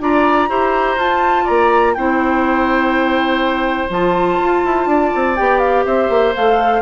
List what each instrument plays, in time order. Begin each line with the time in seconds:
0.00 bassoon D4, clarinet F4, oboe D5, flute A#5
0.49 bassoon E4, clarinet G4, oboe C5
0.96 bassoon F4, clarinet F4, flute A5
1.44 bassoon A#3, oboe D5, flute A#5
1.94 bassoon C4, clarinet E4, oboe C5, flute G5
3.90 bassoon F3, clarinet F4, flute A5
4.40 bassoon F4
4.65 bassoon E4
4.86 bassoon D4, oboe D5
5.15 bassoon C4
5.36 bassoon B3, clarinet G4, flute G5
5.59 flute F5
5.85 bassoon C4, oboe C5, flute E5
6.09 bassoon A#3
6.35 bassoon A3, clarinet A4, flute F5